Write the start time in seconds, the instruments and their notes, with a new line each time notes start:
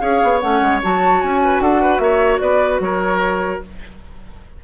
0.00 bassoon C#4, clarinet G#4, oboe C#5, flute F5
0.23 bassoon B3
0.40 bassoon A3, clarinet C#4, flute F#5
0.62 bassoon G#3
0.83 bassoon F#3, clarinet F#4, flute A5
1.21 bassoon C#4, flute G#5
1.45 oboe B4
1.60 bassoon D4, oboe A4, flute F#5
1.82 oboe B4
1.99 bassoon A#3, oboe C#5, flute E5
2.40 bassoon B3, oboe B4, flute D5
2.80 bassoon F#3, oboe A#4, flute C#5